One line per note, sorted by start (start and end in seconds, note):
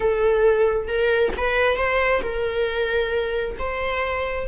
0.00 0.88 A4
0.88 1.32 A#4
1.37 1.77 B4
1.77 2.22 C5
2.22 3.56 A#4
3.58 4.48 C5